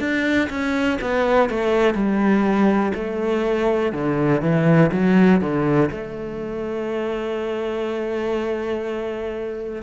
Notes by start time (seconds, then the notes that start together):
0.00 D4
0.50 C#4
1.02 B3
1.50 A3
1.94 G3
2.95 A3
3.93 D3
4.42 E3
4.93 F#3
5.41 D3
5.92 A3